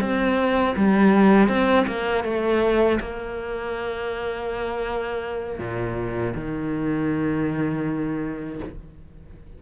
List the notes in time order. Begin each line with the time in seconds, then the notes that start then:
0.00 C4
0.76 G3
1.48 C4
1.86 A#3
2.24 A3
3.00 A#3
5.59 A#2
6.34 D#3